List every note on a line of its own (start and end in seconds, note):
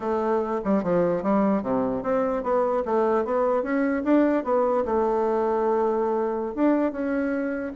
0.00 0.60 A3
0.64 0.83 G3
0.83 1.22 F3
1.22 1.62 G3
1.62 2.02 C3
2.02 2.43 C4
2.43 2.83 B3
2.85 3.25 A3
3.25 3.62 B3
3.62 4.03 C#4
4.04 4.43 D4
4.43 4.84 B3
4.85 6.55 A3
6.55 6.92 D4
6.92 7.72 C#4